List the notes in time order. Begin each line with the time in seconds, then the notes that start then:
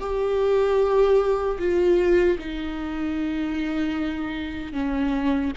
0.00 G4
1.59 F4
2.38 D#4
4.73 C#4